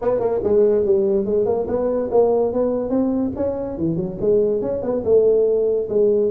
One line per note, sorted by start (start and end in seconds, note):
0.01 0.19 B3
0.19 0.40 A#3
0.43 0.85 G#3
0.85 1.25 G3
1.25 1.45 G#3
1.45 1.66 A#3
1.67 2.09 B3
2.11 2.52 A#3
2.52 2.89 B3
2.89 3.31 C4
3.36 3.77 C#4
3.77 3.96 E3
3.96 4.17 F#3
4.21 4.61 G#3
4.61 4.82 C#4
4.82 5.03 B3
5.04 5.88 A3
5.89 6.31 G#3